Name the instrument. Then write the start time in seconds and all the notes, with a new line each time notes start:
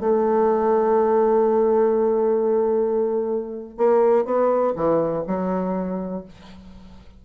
bassoon
0.00 A3
3.78 A#3
4.25 B3
4.76 E3
5.27 F#3